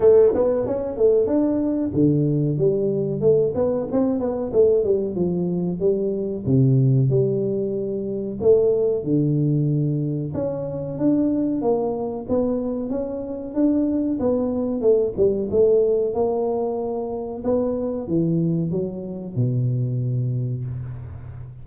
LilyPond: \new Staff \with { instrumentName = "tuba" } { \time 4/4 \tempo 4 = 93 a8 b8 cis'8 a8 d'4 d4 | g4 a8 b8 c'8 b8 a8 g8 | f4 g4 c4 g4~ | g4 a4 d2 |
cis'4 d'4 ais4 b4 | cis'4 d'4 b4 a8 g8 | a4 ais2 b4 | e4 fis4 b,2 | }